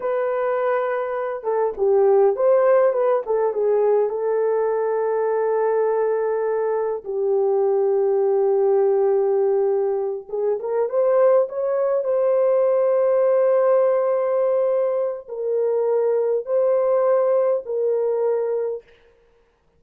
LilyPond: \new Staff \with { instrumentName = "horn" } { \time 4/4 \tempo 4 = 102 b'2~ b'8 a'8 g'4 | c''4 b'8 a'8 gis'4 a'4~ | a'1 | g'1~ |
g'4. gis'8 ais'8 c''4 cis''8~ | cis''8 c''2.~ c''8~ | c''2 ais'2 | c''2 ais'2 | }